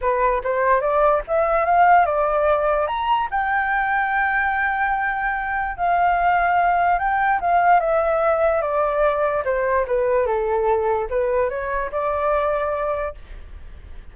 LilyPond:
\new Staff \with { instrumentName = "flute" } { \time 4/4 \tempo 4 = 146 b'4 c''4 d''4 e''4 | f''4 d''2 ais''4 | g''1~ | g''2 f''2~ |
f''4 g''4 f''4 e''4~ | e''4 d''2 c''4 | b'4 a'2 b'4 | cis''4 d''2. | }